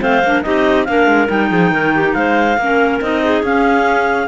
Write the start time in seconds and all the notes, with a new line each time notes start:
0.00 A3 C4 C5 F5
0.23 A#3 D4
0.42 C4 D#4 G4 D#5
0.84 A#3 D4 A#4 F5
1.07 G#3
1.28 G3 D#4 G5
1.49 F3 G#4
1.71 D#3 A#4
1.95 G4
2.13 G#3 C5 F5
2.57 A#3 C#4 A#4
3.01 C4 D#4 D#5
3.23 G#4
3.43 C#4 F5